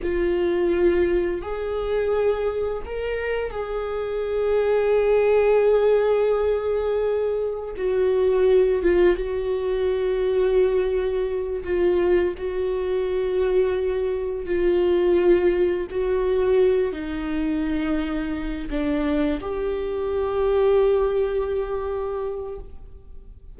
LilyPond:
\new Staff \with { instrumentName = "viola" } { \time 4/4 \tempo 4 = 85 f'2 gis'2 | ais'4 gis'2.~ | gis'2. fis'4~ | fis'8 f'8 fis'2.~ |
fis'8 f'4 fis'2~ fis'8~ | fis'8 f'2 fis'4. | dis'2~ dis'8 d'4 g'8~ | g'1 | }